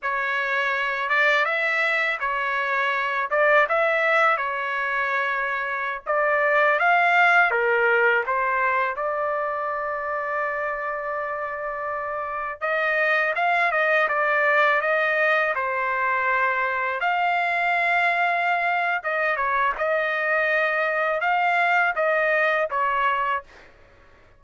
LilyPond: \new Staff \with { instrumentName = "trumpet" } { \time 4/4 \tempo 4 = 82 cis''4. d''8 e''4 cis''4~ | cis''8 d''8 e''4 cis''2~ | cis''16 d''4 f''4 ais'4 c''8.~ | c''16 d''2.~ d''8.~ |
d''4~ d''16 dis''4 f''8 dis''8 d''8.~ | d''16 dis''4 c''2 f''8.~ | f''2 dis''8 cis''8 dis''4~ | dis''4 f''4 dis''4 cis''4 | }